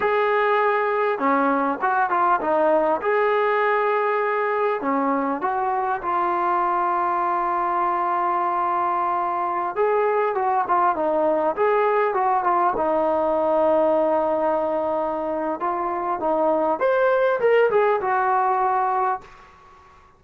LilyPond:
\new Staff \with { instrumentName = "trombone" } { \time 4/4 \tempo 4 = 100 gis'2 cis'4 fis'8 f'8 | dis'4 gis'2. | cis'4 fis'4 f'2~ | f'1~ |
f'16 gis'4 fis'8 f'8 dis'4 gis'8.~ | gis'16 fis'8 f'8 dis'2~ dis'8.~ | dis'2 f'4 dis'4 | c''4 ais'8 gis'8 fis'2 | }